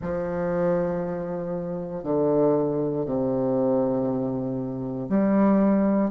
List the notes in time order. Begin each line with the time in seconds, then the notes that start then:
0.01 F3
2.03 D3
3.05 C3
5.09 G3